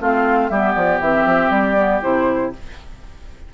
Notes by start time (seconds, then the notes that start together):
0.00 A3 C4 F4 F5
0.49 G3 B3 G4 E5
0.74 F3 D5
1.00 E3 C4 E5
1.26 F3
1.50 G3 D5
1.76 B3
2.02 C3 E4 C5